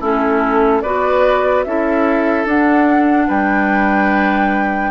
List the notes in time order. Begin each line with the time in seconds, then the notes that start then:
0.00 A3 C#4 E4 A4
0.81 B3 F#4 B4 D5
1.64 C#4 E4 A4 E5
2.45 D4 F#5
3.27 G3 B4 G5